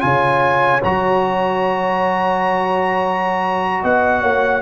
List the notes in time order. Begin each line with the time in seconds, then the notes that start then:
0.00 C#3 F4 C#5 G#5
0.84 F#3 F#4 A#5
3.82 B3 D#5 F#5
4.21 A#3 C#5